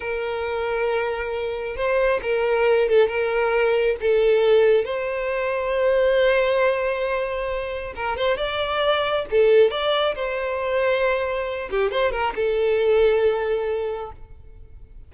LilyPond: \new Staff \with { instrumentName = "violin" } { \time 4/4 \tempo 4 = 136 ais'1 | c''4 ais'4. a'8 ais'4~ | ais'4 a'2 c''4~ | c''1~ |
c''2 ais'8 c''8 d''4~ | d''4 a'4 d''4 c''4~ | c''2~ c''8 g'8 c''8 ais'8 | a'1 | }